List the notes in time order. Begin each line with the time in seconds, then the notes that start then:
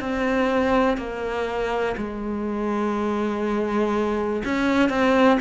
0.00 C4
0.97 A#3
1.97 G#3
4.45 C#4
4.89 C4